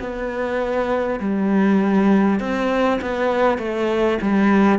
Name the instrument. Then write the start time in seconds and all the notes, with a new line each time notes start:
cello
0.00 B3
1.19 G3
2.39 C4
3.02 B3
3.58 A3
4.22 G3